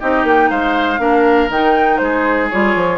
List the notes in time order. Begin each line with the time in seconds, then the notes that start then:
0.00 C4 D#4 G4 D#5
0.24 A#3 G5
0.50 G#3 C5 F5
0.99 A#3 D4 A#4
1.49 D#3 D#4 G5
1.97 G#3 G#4 C5
2.50 G3 F4 C#5
2.75 F3